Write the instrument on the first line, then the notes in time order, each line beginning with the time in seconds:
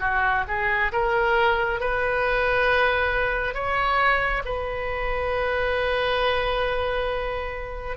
oboe
0.00 F#4
0.48 G#4
0.92 A#4
1.80 B4
3.54 C#5
4.45 B4